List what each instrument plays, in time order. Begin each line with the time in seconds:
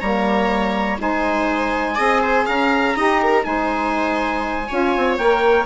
0.00 bassoon G3, saxophone A#3, viola C#5, trumpet A#5
0.98 bassoon G#3, saxophone D#4, viola C5, trumpet G#5
1.95 bassoon C4, saxophone G#4, viola D#5
2.22 viola C5
2.46 bassoon C#4, viola F5, trumpet A#5
2.95 bassoon D#4, saxophone G4, viola D#5
3.23 viola A#4
3.42 bassoon G#3, saxophone D#4, viola C5, trumpet G#5
4.68 bassoon C#4, saxophone F4, viola C#5
4.97 bassoon C4
5.17 bassoon A#3, saxophone A#4, trumpet G5